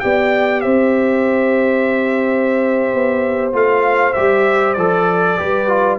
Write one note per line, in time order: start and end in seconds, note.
0.00 0.65 B3
0.00 3.53 G4
0.00 0.63 D5
0.00 0.61 G5
0.61 2.94 C4
0.61 5.37 C5
0.61 3.52 E5
2.94 3.53 B3
3.53 4.14 A3
3.53 4.14 F4
3.53 4.13 F5
4.13 4.77 G3
4.13 4.77 G4
4.13 4.74 E5
4.74 5.38 F3
4.74 5.38 A4
4.74 5.96 D5
5.38 5.99 G3
5.38 5.68 G4
5.38 5.99 B4
5.68 5.99 F4